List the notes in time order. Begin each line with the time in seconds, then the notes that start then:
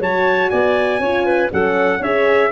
0.00 F#3 F#4 C#5 A5
0.50 B3 D5 G#5
1.00 C#4 F4 C#5
1.26 B4
1.50 F#3 C#4 A4 F#5
1.99 C#4 G#4 C#5 E5